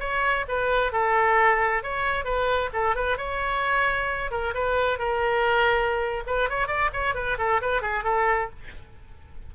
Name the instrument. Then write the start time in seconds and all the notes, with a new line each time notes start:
oboe
0.00 C#5
0.49 B4
0.93 A4
1.83 C#5
2.25 B4
2.73 A4
2.96 B4
3.18 C#5
4.31 A#4
4.55 B4
4.99 A#4
6.27 B4
6.50 C#5
6.68 D5
6.93 C#5
7.15 B4
7.38 A4
7.62 B4
7.82 G#4
8.04 A4